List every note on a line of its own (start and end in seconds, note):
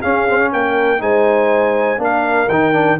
0.00 0.28 C#4
0.00 0.53 C#4
0.00 0.50 G#4
0.00 0.51 F5
0.28 0.38 C4
0.38 0.99 C#4
0.52 1.01 A#3
0.52 1.01 A#4
0.52 1.02 G5
0.99 1.98 G#3
0.99 1.98 D#4
0.99 2.00 C5
0.99 2.01 G#5
1.98 2.47 A#3
1.98 2.47 D4
1.98 2.99 A#4
1.98 2.49 F5
2.49 2.98 D#3
2.49 2.73 D#4
2.49 2.98 G5
2.73 2.98 D4